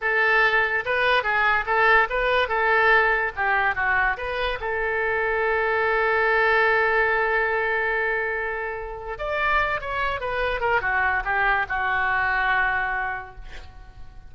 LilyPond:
\new Staff \with { instrumentName = "oboe" } { \time 4/4 \tempo 4 = 144 a'2 b'4 gis'4 | a'4 b'4 a'2 | g'4 fis'4 b'4 a'4~ | a'1~ |
a'1~ | a'2 d''4. cis''8~ | cis''8 b'4 ais'8 fis'4 g'4 | fis'1 | }